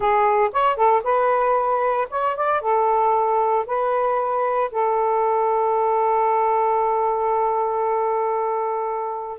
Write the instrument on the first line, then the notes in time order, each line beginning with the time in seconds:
saxophone
0.00 G#4
0.52 C#5
0.76 A4
1.03 B4
2.10 C#5
2.36 D5
2.61 A4
3.66 B4
4.71 A4